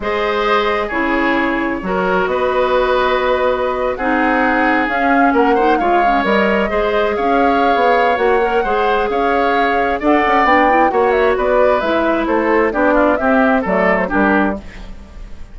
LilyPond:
<<
  \new Staff \with { instrumentName = "flute" } { \time 4/4 \tempo 4 = 132 dis''2 cis''2~ | cis''4 dis''2.~ | dis''8. fis''2 f''4 fis''16~ | fis''8. f''4 dis''2 f''16~ |
f''2 fis''2 | f''2 fis''4 g''4 | fis''8 e''8 d''4 e''4 c''4 | d''4 e''4 d''8. c''16 ais'4 | }
  \new Staff \with { instrumentName = "oboe" } { \time 4/4 c''2 gis'2 | ais'4 b'2.~ | b'8. gis'2. ais'16~ | ais'16 c''8 cis''2 c''4 cis''16~ |
cis''2. c''4 | cis''2 d''2 | cis''4 b'2 a'4 | g'8 f'8 g'4 a'4 g'4 | }
  \new Staff \with { instrumentName = "clarinet" } { \time 4/4 gis'2 e'2 | fis'1~ | fis'8. dis'2 cis'4~ cis'16~ | cis'16 dis'8 f'8 cis'8 ais'4 gis'4~ gis'16~ |
gis'2 fis'8 ais'8 gis'4~ | gis'2 a'4 d'8 e'8 | fis'2 e'2 | d'4 c'4 a4 d'4 | }
  \new Staff \with { instrumentName = "bassoon" } { \time 4/4 gis2 cis2 | fis4 b2.~ | b8. c'2 cis'4 ais16~ | ais8. gis4 g4 gis4 cis'16~ |
cis'4 b4 ais4 gis4 | cis'2 d'8 cis'8 b4 | ais4 b4 gis4 a4 | b4 c'4 fis4 g4 | }
>>